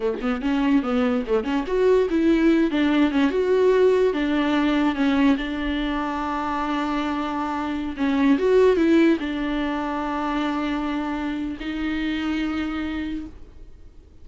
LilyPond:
\new Staff \with { instrumentName = "viola" } { \time 4/4 \tempo 4 = 145 a8 b8 cis'4 b4 a8 cis'8 | fis'4 e'4. d'4 cis'8 | fis'2 d'2 | cis'4 d'2.~ |
d'2.~ d'16 cis'8.~ | cis'16 fis'4 e'4 d'4.~ d'16~ | d'1 | dis'1 | }